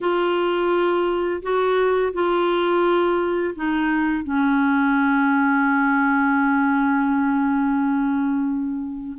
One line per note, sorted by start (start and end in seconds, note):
0.01 1.42 F4
1.42 2.12 F#4
2.13 3.54 F4
3.55 4.23 D#4
4.23 9.17 C#4